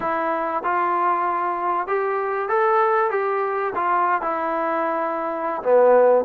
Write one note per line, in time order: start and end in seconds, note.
0.00 0.62 E4
0.63 1.87 F4
1.87 2.48 G4
2.48 3.10 A4
3.10 3.73 G4
3.75 4.21 F4
4.21 5.62 E4
5.62 6.25 B3